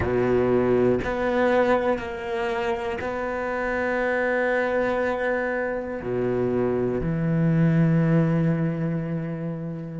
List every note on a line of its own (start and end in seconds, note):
0.00 0.99 B2
1.04 1.98 B3
1.98 2.98 A#3
3.00 6.00 B3
6.02 7.00 B2
7.00 10.00 E3